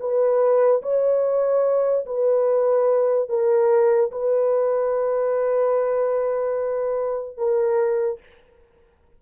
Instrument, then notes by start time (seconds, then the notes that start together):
horn
0.00 B4
0.83 C#5
2.06 B4
3.29 A#4
4.12 B4
7.38 A#4